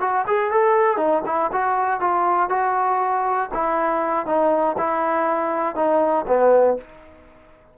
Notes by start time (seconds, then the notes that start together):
0.00 F#4
0.27 G#4
0.51 A4
0.97 D#4
1.25 E4
1.52 F#4
2.00 F4
2.49 F#4
3.53 E4
4.26 D#4
4.77 E4
5.75 D#4
6.27 B3